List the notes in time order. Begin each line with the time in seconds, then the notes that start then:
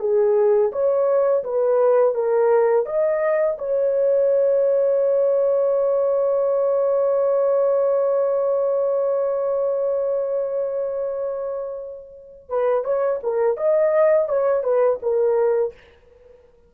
0.00 G#4
0.72 C#5
1.44 B4
2.15 A#4
2.86 D#5
3.58 C#5
12.49 B4
12.84 C#5
13.23 A#4
13.57 D#5
14.29 C#5
14.64 B4
15.03 A#4